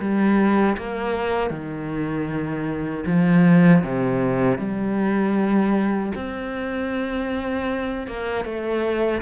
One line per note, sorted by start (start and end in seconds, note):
0.00 0.77 G3
0.78 1.51 A#3
1.51 3.05 D#3
3.07 3.84 F3
3.84 4.58 C3
4.58 6.12 G3
6.15 8.08 C4
8.08 8.45 A#3
8.45 9.22 A3